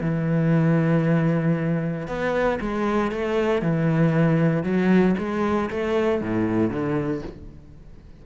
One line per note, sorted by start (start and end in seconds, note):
0.00 2.07 E3
2.07 2.59 B3
2.60 3.11 G#3
3.11 3.61 A3
3.61 4.63 E3
4.63 5.15 F#3
5.18 5.69 G#3
5.70 6.21 A3
6.21 6.70 A2
6.70 7.22 D3